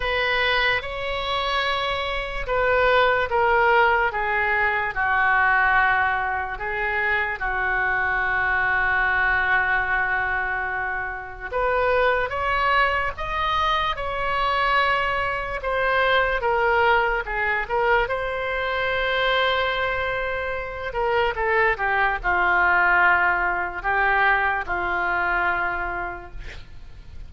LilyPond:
\new Staff \with { instrumentName = "oboe" } { \time 4/4 \tempo 4 = 73 b'4 cis''2 b'4 | ais'4 gis'4 fis'2 | gis'4 fis'2.~ | fis'2 b'4 cis''4 |
dis''4 cis''2 c''4 | ais'4 gis'8 ais'8 c''2~ | c''4. ais'8 a'8 g'8 f'4~ | f'4 g'4 f'2 | }